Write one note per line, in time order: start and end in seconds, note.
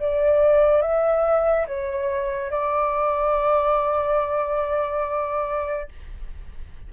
0.00 0.82 D5
0.82 1.66 E5
1.67 2.51 C#5
2.51 5.89 D5